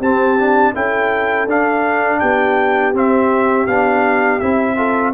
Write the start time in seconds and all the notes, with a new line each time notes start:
0.00 C4 G4 A5
0.40 D4
0.75 C#4 E4 A4 G5
1.47 D4 F5
2.20 B3 G4 G5
2.94 C4 E5
3.67 B3 D4 F5
4.40 C4 E4 E5
4.77 F4 A4